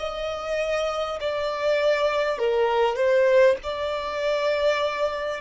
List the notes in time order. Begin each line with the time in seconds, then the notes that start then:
0.00 D#5
1.21 D5
2.39 A#4
2.97 C5
3.64 D5